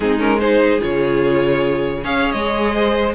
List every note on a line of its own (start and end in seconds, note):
0.00 0.81 G#3
0.00 0.18 C4
0.00 0.40 D#4
0.00 0.19 G#4
0.18 0.38 C#4
0.18 0.39 A#4
0.39 0.80 D#4
0.39 2.03 G#4
0.39 0.80 C5
0.80 2.04 C#3
0.80 2.01 F4
0.80 2.04 C#5
2.03 2.34 C#4
2.03 3.14 G#4
2.03 2.74 C#5
2.03 2.31 F5
2.31 3.14 G#3
2.31 3.12 D#5
2.74 3.14 C5